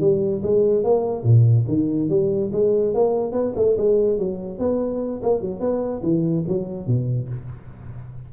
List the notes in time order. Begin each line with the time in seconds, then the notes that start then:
0.00 G3
0.43 G#3
0.84 A#3
1.23 A#2
1.67 D#3
2.09 G3
2.52 G#3
2.94 A#3
3.32 B3
3.55 A3
3.77 G#3
4.18 F#3
4.59 B3
5.23 A#3
5.41 F#3
5.60 B3
6.03 E3
6.48 F#3
6.87 B2